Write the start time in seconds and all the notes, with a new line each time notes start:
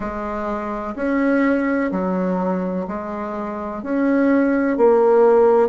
0.00 G#3
0.95 C#4
1.91 F#3
2.87 G#3
3.82 C#4
4.77 A#3